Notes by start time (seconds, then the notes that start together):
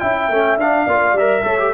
0.00 C#4 E4 E5 G5
0.29 A3 C#4
0.57 D4 F5
0.86 A#3 F4 D5
1.13 G3 E5
1.19 A#4
1.44 A3 A4 C#5
1.59 G4